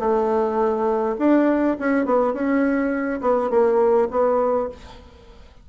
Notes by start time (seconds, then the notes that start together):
0.00 A3
1.19 D4
1.80 C#4
2.06 B3
2.34 C#4
3.21 B3
3.51 A#3
4.11 B3